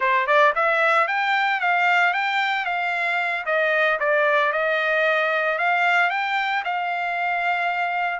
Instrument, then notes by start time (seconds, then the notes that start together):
trumpet
0.00 C5
0.26 D5
0.55 E5
1.07 G5
1.60 F5
2.13 G5
2.65 F5
3.45 D#5
3.99 D5
4.52 D#5
5.58 F5
6.10 G5
6.64 F5